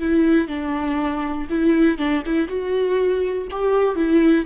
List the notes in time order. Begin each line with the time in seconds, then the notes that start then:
0.00 E4
0.48 D4
1.50 E4
1.98 D4
2.26 E4
2.48 F#4
3.51 G4
3.96 E4